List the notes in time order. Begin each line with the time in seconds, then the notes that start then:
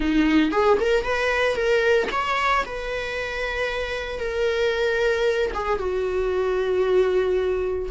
0.00 D#4
0.51 G#4
0.80 A#4
1.04 B4
1.55 A#4
2.11 C#5
2.65 B4
4.19 A#4
5.54 G#4
5.78 F#4